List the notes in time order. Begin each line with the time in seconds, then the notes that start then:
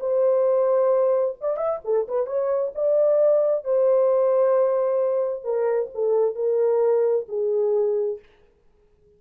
0.00 C5
1.41 D5
1.57 E5
1.85 A4
2.08 B4
2.27 C#5
2.75 D5
3.65 C5
5.44 A#4
5.95 A4
6.35 A#4
7.29 G#4